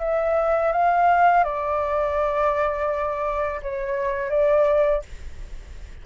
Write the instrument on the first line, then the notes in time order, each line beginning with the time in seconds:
flute
0.00 E5
0.72 F5
1.44 D5
3.62 C#5
4.30 D5